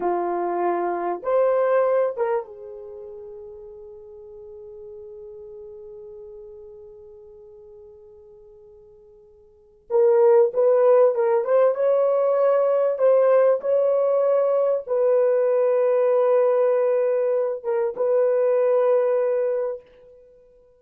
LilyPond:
\new Staff \with { instrumentName = "horn" } { \time 4/4 \tempo 4 = 97 f'2 c''4. ais'8 | gis'1~ | gis'1~ | gis'1 |
ais'4 b'4 ais'8 c''8 cis''4~ | cis''4 c''4 cis''2 | b'1~ | b'8 ais'8 b'2. | }